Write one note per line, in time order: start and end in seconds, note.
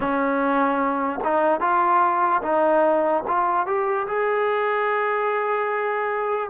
0.00 1.19 C#4
1.23 1.60 D#4
1.60 2.41 F4
2.42 3.23 D#4
3.27 3.66 F4
3.66 4.07 G4
4.07 6.49 G#4